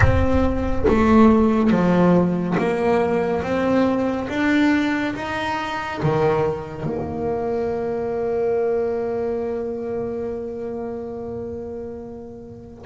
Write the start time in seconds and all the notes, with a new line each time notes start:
0.00 C4
0.88 A3
1.70 F3
2.58 A#3
3.42 C4
4.28 D4
5.15 D#4
6.02 D#3
6.84 A#3